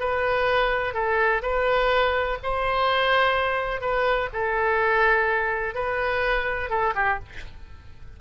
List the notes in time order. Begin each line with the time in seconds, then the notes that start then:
0.00 B4
0.94 A4
1.42 B4
2.43 C5
3.81 B4
4.33 A4
5.75 B4
6.70 A4
6.95 G4